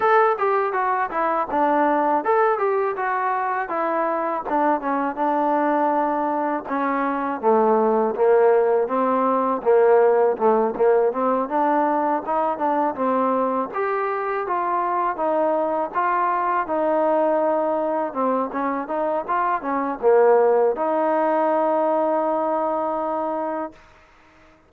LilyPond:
\new Staff \with { instrumentName = "trombone" } { \time 4/4 \tempo 4 = 81 a'8 g'8 fis'8 e'8 d'4 a'8 g'8 | fis'4 e'4 d'8 cis'8 d'4~ | d'4 cis'4 a4 ais4 | c'4 ais4 a8 ais8 c'8 d'8~ |
d'8 dis'8 d'8 c'4 g'4 f'8~ | f'8 dis'4 f'4 dis'4.~ | dis'8 c'8 cis'8 dis'8 f'8 cis'8 ais4 | dis'1 | }